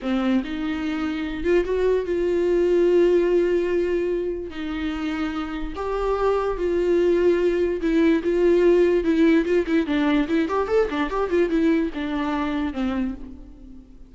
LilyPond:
\new Staff \with { instrumentName = "viola" } { \time 4/4 \tempo 4 = 146 c'4 dis'2~ dis'8 f'8 | fis'4 f'2.~ | f'2. dis'4~ | dis'2 g'2 |
f'2. e'4 | f'2 e'4 f'8 e'8 | d'4 e'8 g'8 a'8 d'8 g'8 f'8 | e'4 d'2 c'4 | }